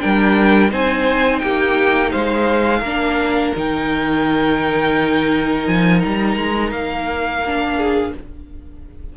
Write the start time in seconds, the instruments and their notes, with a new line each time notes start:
0.00 cello G3, viola D4, violin A#4 G5
0.70 cello C4, viola D#4, violin C5 G#5
1.39 cello A#3, violin G4 G5
2.11 cello G#3, violin C5 F5
2.79 cello A#3, violin A#4
2.86 viola D4
3.55 cello D#3, viola D#4, violin G5
5.67 cello F3, violin G#5
6.00 cello G3, violin A#5
6.36 cello G#3
6.71 cello A#3, violin F5
7.46 viola D4
7.77 violin G#4